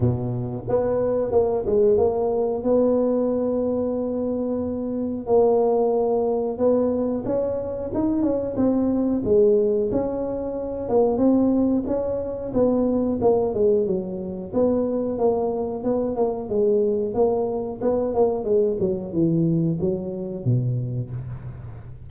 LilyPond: \new Staff \with { instrumentName = "tuba" } { \time 4/4 \tempo 4 = 91 b,4 b4 ais8 gis8 ais4 | b1 | ais2 b4 cis'4 | dis'8 cis'8 c'4 gis4 cis'4~ |
cis'8 ais8 c'4 cis'4 b4 | ais8 gis8 fis4 b4 ais4 | b8 ais8 gis4 ais4 b8 ais8 | gis8 fis8 e4 fis4 b,4 | }